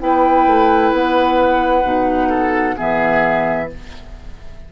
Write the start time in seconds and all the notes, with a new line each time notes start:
0.00 B3 E4 B4 G5
0.47 A3
0.92 B3 F#5
1.83 B2 D#4
2.29 A4
2.76 E3 B3 G#4 E5